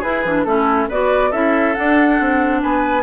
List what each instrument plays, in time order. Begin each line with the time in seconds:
0.00 clarinet E4, bassoon E4, oboe G#4, flute B4
0.25 bassoon E3, clarinet D4
0.44 bassoon A3, clarinet C#4, oboe E4, flute A4
0.89 bassoon B3, clarinet F#4, oboe B4, flute D5
1.31 bassoon C#4, clarinet E4, oboe A4, flute E5
1.75 clarinet D4, bassoon D4, flute F#5
2.20 bassoon C4
2.63 bassoon B3, oboe B4, flute G#5